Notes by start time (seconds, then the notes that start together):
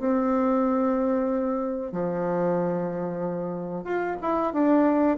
0.00 C4
1.93 F3
3.85 F4
4.22 E4
4.54 D4